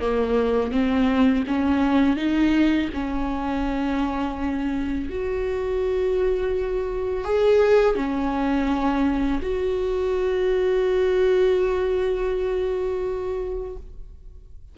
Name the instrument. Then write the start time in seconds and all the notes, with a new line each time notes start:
viola
0.00 A#3
0.71 C4
1.47 C#4
2.16 D#4
2.93 C#4
5.10 F#4
7.24 G#4
7.96 C#4
9.42 F#4